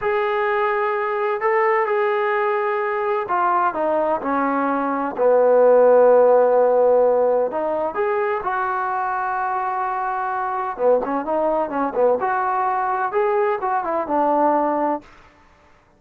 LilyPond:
\new Staff \with { instrumentName = "trombone" } { \time 4/4 \tempo 4 = 128 gis'2. a'4 | gis'2. f'4 | dis'4 cis'2 b4~ | b1 |
dis'4 gis'4 fis'2~ | fis'2. b8 cis'8 | dis'4 cis'8 b8 fis'2 | gis'4 fis'8 e'8 d'2 | }